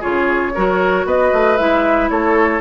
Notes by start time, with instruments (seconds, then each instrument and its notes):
0.00 bassoon C#3, clarinet F4, oboe G#4, flute C#5
0.54 bassoon F#3, clarinet F#4, oboe A#4
1.05 bassoon B3, oboe B4, flute D#5
1.32 bassoon A3
1.57 bassoon G#3, clarinet E4, flute E5
2.09 bassoon A3, oboe A4, flute C#5